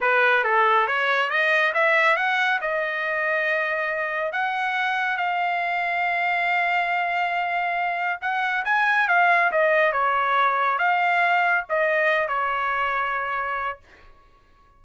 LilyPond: \new Staff \with { instrumentName = "trumpet" } { \time 4/4 \tempo 4 = 139 b'4 a'4 cis''4 dis''4 | e''4 fis''4 dis''2~ | dis''2 fis''2 | f''1~ |
f''2. fis''4 | gis''4 f''4 dis''4 cis''4~ | cis''4 f''2 dis''4~ | dis''8 cis''2.~ cis''8 | }